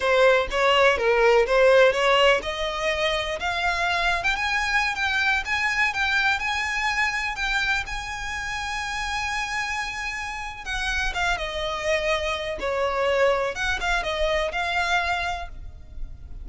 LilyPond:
\new Staff \with { instrumentName = "violin" } { \time 4/4 \tempo 4 = 124 c''4 cis''4 ais'4 c''4 | cis''4 dis''2 f''4~ | f''8. g''16 gis''4~ gis''16 g''4 gis''8.~ | gis''16 g''4 gis''2 g''8.~ |
g''16 gis''2.~ gis''8.~ | gis''2 fis''4 f''8 dis''8~ | dis''2 cis''2 | fis''8 f''8 dis''4 f''2 | }